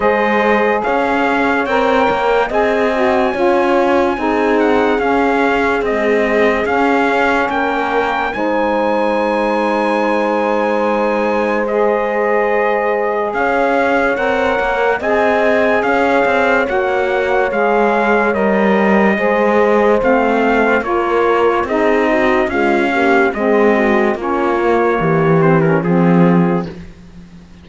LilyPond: <<
  \new Staff \with { instrumentName = "trumpet" } { \time 4/4 \tempo 4 = 72 dis''4 f''4 g''4 gis''4~ | gis''4. fis''8 f''4 dis''4 | f''4 g''4 gis''2~ | gis''2 dis''2 |
f''4 fis''4 gis''4 f''4 | fis''4 f''4 dis''2 | f''4 cis''4 dis''4 f''4 | dis''4 cis''4. c''16 ais'16 gis'4 | }
  \new Staff \with { instrumentName = "horn" } { \time 4/4 c''4 cis''2 dis''4 | cis''4 gis'2.~ | gis'4 ais'4 c''2~ | c''1 |
cis''2 dis''4 cis''4~ | cis''2. c''4~ | c''4 ais'4 gis'8 fis'8 f'8 g'8 | gis'8 fis'8 f'4 g'4 f'4 | }
  \new Staff \with { instrumentName = "saxophone" } { \time 4/4 gis'2 ais'4 gis'8 fis'8 | f'4 dis'4 cis'4 gis4 | cis'2 dis'2~ | dis'2 gis'2~ |
gis'4 ais'4 gis'2 | fis'4 gis'4 ais'4 gis'4 | c'4 f'4 dis'4 gis8 ais8 | c'4 cis'8 ais4 c'16 cis'16 c'4 | }
  \new Staff \with { instrumentName = "cello" } { \time 4/4 gis4 cis'4 c'8 ais8 c'4 | cis'4 c'4 cis'4 c'4 | cis'4 ais4 gis2~ | gis1 |
cis'4 c'8 ais8 c'4 cis'8 c'8 | ais4 gis4 g4 gis4 | a4 ais4 c'4 cis'4 | gis4 ais4 e4 f4 | }
>>